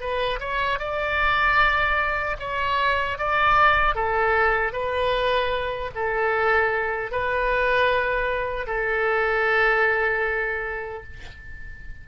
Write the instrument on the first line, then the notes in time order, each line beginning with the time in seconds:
oboe
0.00 B4
0.40 C#5
0.79 D5
2.39 C#5
3.18 D5
3.95 A4
4.72 B4
5.95 A4
7.11 B4
8.66 A4